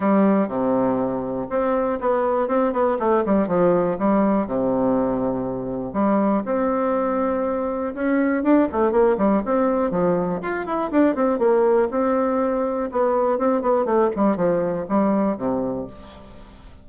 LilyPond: \new Staff \with { instrumentName = "bassoon" } { \time 4/4 \tempo 4 = 121 g4 c2 c'4 | b4 c'8 b8 a8 g8 f4 | g4 c2. | g4 c'2. |
cis'4 d'8 a8 ais8 g8 c'4 | f4 f'8 e'8 d'8 c'8 ais4 | c'2 b4 c'8 b8 | a8 g8 f4 g4 c4 | }